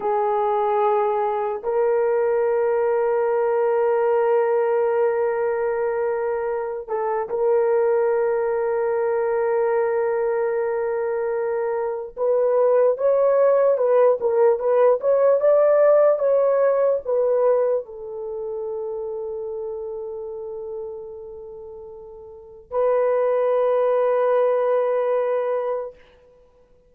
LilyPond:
\new Staff \with { instrumentName = "horn" } { \time 4/4 \tempo 4 = 74 gis'2 ais'2~ | ais'1~ | ais'8 a'8 ais'2.~ | ais'2. b'4 |
cis''4 b'8 ais'8 b'8 cis''8 d''4 | cis''4 b'4 a'2~ | a'1 | b'1 | }